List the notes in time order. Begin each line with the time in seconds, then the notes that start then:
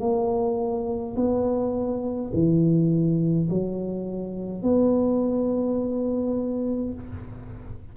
0.00 A#3
1.16 B3
2.33 E3
3.50 F#3
4.63 B3